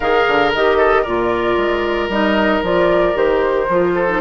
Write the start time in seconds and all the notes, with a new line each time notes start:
0.00 D#3 G#4 A#4 F5
0.27 D3
0.54 D#3 G4 D#5
0.77 A4
1.02 A#2 F4 A#4 D5
1.56 G#3
2.08 G3 D#4 D#5
2.62 F3 F4 D5
3.13 D#3 G4 C5
3.68 F3 F4
3.94 A4
4.08 D#4